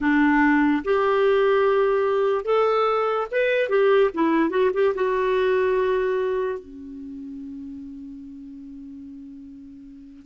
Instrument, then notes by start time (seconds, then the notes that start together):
clarinet
0.00 D4
0.84 G4
2.44 A4
3.31 B4
3.69 G4
4.14 E4
4.50 F#4
4.73 G4
4.95 F#4
6.59 C#4